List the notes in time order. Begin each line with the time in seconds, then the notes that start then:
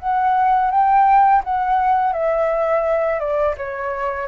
0.00 F#5
0.71 G5
1.45 F#5
2.13 E5
3.20 D5
3.58 C#5